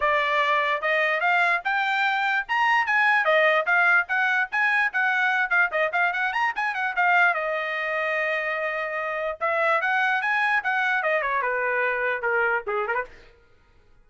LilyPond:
\new Staff \with { instrumentName = "trumpet" } { \time 4/4 \tempo 4 = 147 d''2 dis''4 f''4 | g''2 ais''4 gis''4 | dis''4 f''4 fis''4 gis''4 | fis''4. f''8 dis''8 f''8 fis''8 ais''8 |
gis''8 fis''8 f''4 dis''2~ | dis''2. e''4 | fis''4 gis''4 fis''4 dis''8 cis''8 | b'2 ais'4 gis'8 ais'16 b'16 | }